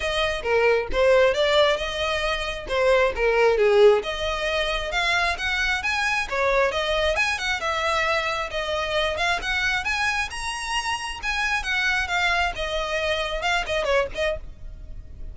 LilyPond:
\new Staff \with { instrumentName = "violin" } { \time 4/4 \tempo 4 = 134 dis''4 ais'4 c''4 d''4 | dis''2 c''4 ais'4 | gis'4 dis''2 f''4 | fis''4 gis''4 cis''4 dis''4 |
gis''8 fis''8 e''2 dis''4~ | dis''8 f''8 fis''4 gis''4 ais''4~ | ais''4 gis''4 fis''4 f''4 | dis''2 f''8 dis''8 cis''8 dis''8 | }